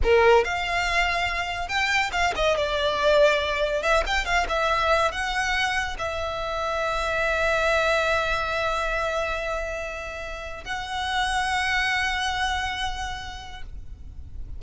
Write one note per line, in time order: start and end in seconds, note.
0.03 0.44 A#4
0.44 1.68 F5
1.68 2.11 G5
2.12 2.33 F5
2.35 2.56 D#5
2.56 3.82 D5
3.82 4.03 E5
4.06 4.25 G5
4.25 4.46 F5
4.48 5.11 E5
5.11 5.97 F#5
5.98 10.64 E5
10.64 13.62 F#5